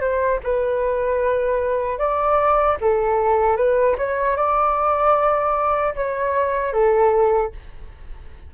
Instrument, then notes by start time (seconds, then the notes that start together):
flute
0.00 C5
0.43 B4
1.98 D5
2.81 A4
3.56 B4
3.98 C#5
4.36 D5
5.95 C#5
6.73 A4